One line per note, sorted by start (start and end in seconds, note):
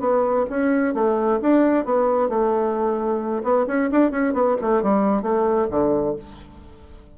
0.00 0.45 B3
0.50 0.94 C#4
0.94 1.39 A3
1.42 1.85 D4
1.85 2.29 B3
2.29 3.42 A3
3.43 3.66 B3
3.67 3.90 C#4
3.92 4.11 D4
4.11 4.33 C#4
4.33 4.56 B3
4.61 4.82 A3
4.82 5.22 G3
5.22 5.68 A3
5.70 6.16 D3